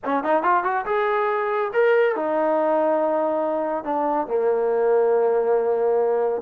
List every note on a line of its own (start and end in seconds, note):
0.04 0.23 C#4
0.23 0.42 D#4
0.42 0.63 F4
0.63 0.85 F#4
0.85 1.71 G#4
1.73 2.15 A#4
2.15 3.84 D#4
3.84 4.27 D4
4.27 6.41 A#3